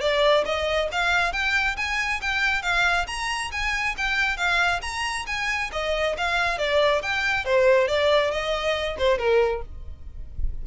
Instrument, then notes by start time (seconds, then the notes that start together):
violin
0.00 D5
0.45 D#5
0.92 F5
1.32 G5
1.76 G#5
2.21 G5
2.62 F5
3.07 A#5
3.51 G#5
3.97 G5
4.37 F5
4.82 A#5
5.26 G#5
5.72 D#5
6.17 F5
6.58 D5
7.02 G5
7.45 C5
7.87 D5
8.31 D#5
8.98 C5
9.18 A#4